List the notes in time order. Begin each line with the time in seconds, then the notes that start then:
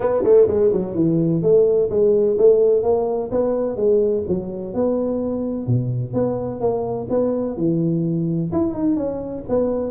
0.00 B3
0.23 A3
0.47 G#3
0.72 F#3
0.94 E3
1.42 A3
1.89 G#3
2.38 A3
2.83 A#3
3.31 B3
3.76 G#3
4.28 F#3
4.74 B3
5.66 B2
6.13 B3
6.60 A#3
7.09 B3
7.57 E3
8.52 E4
8.73 D#4
8.96 C#4
9.48 B3